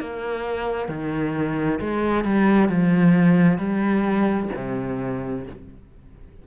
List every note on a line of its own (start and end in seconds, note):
0.00 0.88 A#3
0.88 1.79 D#3
1.80 2.24 G#3
2.24 2.69 G3
2.69 3.58 F3
3.58 4.49 G3
4.55 5.46 C3